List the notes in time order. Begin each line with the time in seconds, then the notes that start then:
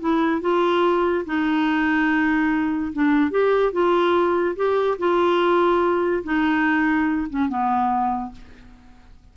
0.00 E4
0.41 F4
1.25 D#4
2.93 D4
3.31 G4
3.72 F4
4.56 G4
4.98 F4
6.23 D#4
7.29 C#4
7.49 B3